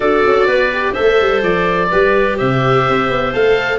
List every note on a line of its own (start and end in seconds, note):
0.00 0.24 D4
0.00 0.71 F#4
0.00 0.46 A4
0.00 0.93 D5
0.26 0.47 C#4
0.46 0.94 B3
0.46 0.92 B4
0.72 0.95 G4
0.92 1.90 A4
0.92 1.87 C5
0.92 1.41 E5
1.00 1.20 A3
1.20 1.42 G3
1.42 1.90 F3
1.42 2.38 D5
1.90 2.40 G3
1.90 3.33 G4
1.90 2.37 B4
2.37 2.87 C3
2.37 3.78 C5
2.37 3.33 E5
2.89 3.09 C4
3.09 3.33 B3
3.33 3.78 A3
3.33 3.78 A4
3.33 3.78 F5